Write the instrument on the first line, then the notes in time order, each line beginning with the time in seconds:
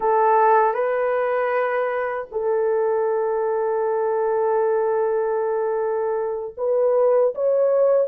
horn
0.00 A4
0.74 B4
2.31 A4
6.57 B4
7.34 C#5